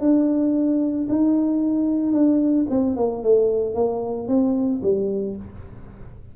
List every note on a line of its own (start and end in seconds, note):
0.00 1.07 D4
1.09 2.13 D#4
2.13 2.66 D4
2.70 2.96 C4
2.96 3.23 A#3
3.23 3.75 A3
3.75 4.28 A#3
4.28 4.81 C4
4.83 5.36 G3